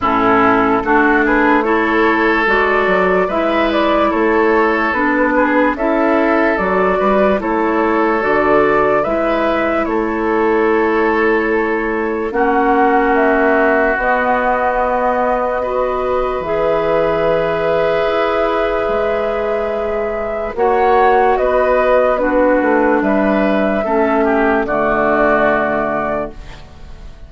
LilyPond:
<<
  \new Staff \with { instrumentName = "flute" } { \time 4/4 \tempo 4 = 73 a'4. b'8 cis''4 d''4 | e''8 d''8 cis''4 b'4 e''4 | d''4 cis''4 d''4 e''4 | cis''2. fis''4 |
e''4 dis''2. | e''1~ | e''4 fis''4 dis''4 b'4 | e''2 d''2 | }
  \new Staff \with { instrumentName = "oboe" } { \time 4/4 e'4 fis'8 gis'8 a'2 | b'4 a'4. gis'8 a'4~ | a'8 b'8 a'2 b'4 | a'2. fis'4~ |
fis'2. b'4~ | b'1~ | b'4 cis''4 b'4 fis'4 | b'4 a'8 g'8 fis'2 | }
  \new Staff \with { instrumentName = "clarinet" } { \time 4/4 cis'4 d'4 e'4 fis'4 | e'2 d'4 e'4 | fis'4 e'4 fis'4 e'4~ | e'2. cis'4~ |
cis'4 b2 fis'4 | gis'1~ | gis'4 fis'2 d'4~ | d'4 cis'4 a2 | }
  \new Staff \with { instrumentName = "bassoon" } { \time 4/4 a,4 a2 gis8 fis8 | gis4 a4 b4 cis'4 | fis8 g8 a4 d4 gis4 | a2. ais4~ |
ais4 b2. | e2 e'4 gis4~ | gis4 ais4 b4. a8 | g4 a4 d2 | }
>>